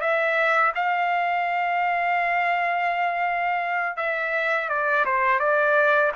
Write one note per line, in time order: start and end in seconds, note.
0.00 0.72 E5
0.75 3.96 F5
3.96 4.69 E5
4.69 5.05 D5
5.05 5.39 C5
5.39 6.12 D5